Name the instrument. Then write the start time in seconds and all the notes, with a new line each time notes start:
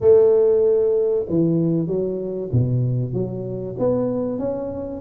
tuba
0.00 A3
1.29 E3
1.87 F#3
2.52 B2
3.13 F#3
3.78 B3
4.39 C#4